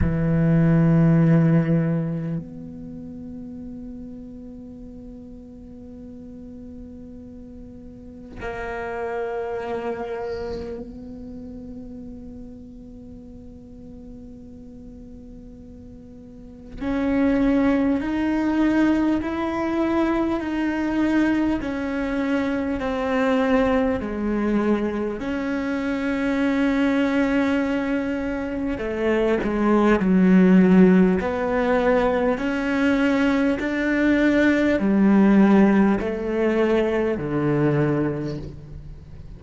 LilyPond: \new Staff \with { instrumentName = "cello" } { \time 4/4 \tempo 4 = 50 e2 b2~ | b2. ais4~ | ais4 b2.~ | b2 cis'4 dis'4 |
e'4 dis'4 cis'4 c'4 | gis4 cis'2. | a8 gis8 fis4 b4 cis'4 | d'4 g4 a4 d4 | }